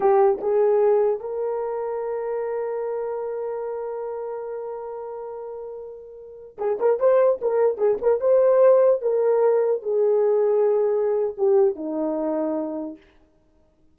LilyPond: \new Staff \with { instrumentName = "horn" } { \time 4/4 \tempo 4 = 148 g'4 gis'2 ais'4~ | ais'1~ | ais'1~ | ais'1~ |
ais'16 gis'8 ais'8 c''4 ais'4 gis'8 ais'16~ | ais'16 c''2 ais'4.~ ais'16~ | ais'16 gis'2.~ gis'8. | g'4 dis'2. | }